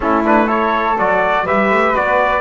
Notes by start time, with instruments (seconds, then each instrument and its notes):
0.00 double bass A3, trombone C#4, flute E4, trumpet A4
0.24 trombone D4, trumpet B4
0.46 trombone E4, flute A4, trumpet C#5
0.97 double bass F#3, trombone F#4, trumpet D5
1.44 double bass G3, trombone G4, flute B4, trumpet E5
1.71 double bass A3
1.94 double bass B3, trombone F#4, trumpet D5